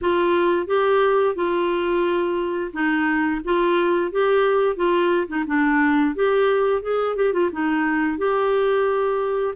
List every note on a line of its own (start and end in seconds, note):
0.01 0.67 F4
0.67 1.35 G4
1.35 2.71 F4
2.73 3.41 D#4
3.44 4.11 F4
4.11 4.76 G4
4.76 5.27 F4
5.27 5.44 D#4
5.47 6.15 D4
6.15 6.82 G4
6.82 7.16 G#4
7.16 7.33 G4
7.33 7.50 F4
7.52 8.18 D#4
8.18 9.54 G4